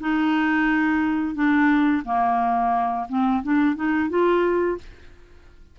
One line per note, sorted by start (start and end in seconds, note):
0.00 1.35 D#4
1.35 2.03 D4
2.05 3.07 A#3
3.09 3.43 C4
3.44 3.76 D4
3.76 4.10 D#4
4.10 4.78 F4